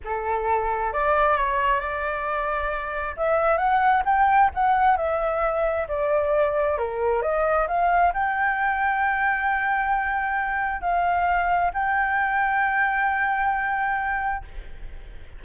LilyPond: \new Staff \with { instrumentName = "flute" } { \time 4/4 \tempo 4 = 133 a'2 d''4 cis''4 | d''2. e''4 | fis''4 g''4 fis''4 e''4~ | e''4 d''2 ais'4 |
dis''4 f''4 g''2~ | g''1 | f''2 g''2~ | g''1 | }